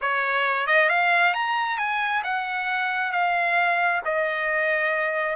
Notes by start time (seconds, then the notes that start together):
0.01 C#5
0.67 D#5
0.89 F5
1.34 A#5
1.78 G#5
2.23 F#5
3.11 F5
4.04 D#5